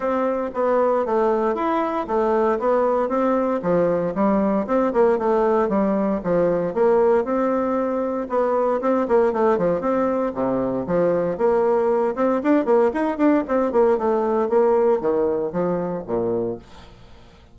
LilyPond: \new Staff \with { instrumentName = "bassoon" } { \time 4/4 \tempo 4 = 116 c'4 b4 a4 e'4 | a4 b4 c'4 f4 | g4 c'8 ais8 a4 g4 | f4 ais4 c'2 |
b4 c'8 ais8 a8 f8 c'4 | c4 f4 ais4. c'8 | d'8 ais8 dis'8 d'8 c'8 ais8 a4 | ais4 dis4 f4 ais,4 | }